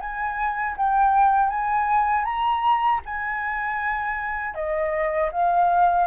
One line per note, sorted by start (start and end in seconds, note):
0.00 0.76 G#5
0.77 1.49 G5
1.49 2.25 G#5
2.25 3.01 A#5
3.05 4.54 G#5
4.54 5.30 D#5
5.32 6.07 F5